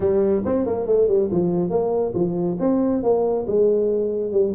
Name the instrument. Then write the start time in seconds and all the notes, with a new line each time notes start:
tuba
0.00 G3
0.45 C4
0.66 A#3
0.86 A3
1.07 G3
1.31 F3
1.70 A#3
2.14 F3
2.59 C4
3.02 A#3
3.47 G#3
4.32 G3